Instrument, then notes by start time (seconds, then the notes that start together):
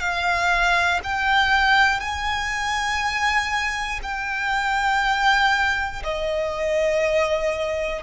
violin
0.00 F5
1.04 G5
2.00 G#5
4.03 G5
6.04 D#5